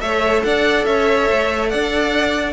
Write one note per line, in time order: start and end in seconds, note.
0.00 0.43 A3
0.00 2.52 A4
0.00 0.45 C#5
0.00 0.42 E5
0.44 0.85 D4
0.44 0.86 D5
0.44 0.85 F#5
0.85 1.28 C#4
0.85 1.70 C#5
0.85 1.69 E5
1.31 1.73 A3
1.69 2.52 D4
1.69 2.52 D5
1.69 2.52 F#5